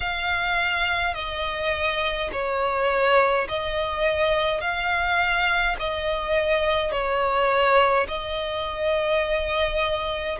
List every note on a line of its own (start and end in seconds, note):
0.00 1.14 F5
1.14 2.30 D#5
2.32 3.47 C#5
3.48 4.60 D#5
4.60 5.76 F5
5.79 6.91 D#5
6.91 8.07 C#5
8.08 10.38 D#5